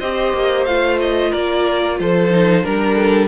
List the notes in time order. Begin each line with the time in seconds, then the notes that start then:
0.00 C4 G4 C5 D#5
0.34 A#3
0.66 A3 F4 F5
1.01 D#5
1.31 A#3 A#4 D5
2.00 F3 A4 C5
2.31 D#4
2.64 G3 D4 A#4
2.96 A4